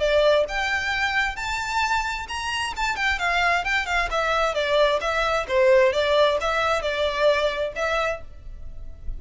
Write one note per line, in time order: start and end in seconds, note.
0.00 0.45 D5
0.49 1.37 G5
1.37 2.27 A5
2.29 2.74 A#5
2.77 2.96 A5
2.96 3.19 G5
3.19 3.65 F5
3.65 3.87 G5
3.87 4.09 F5
4.11 4.55 E5
4.55 5.00 D5
5.01 5.47 E5
5.49 5.93 C5
5.93 6.39 D5
6.41 6.82 E5
6.82 7.73 D5
7.76 8.22 E5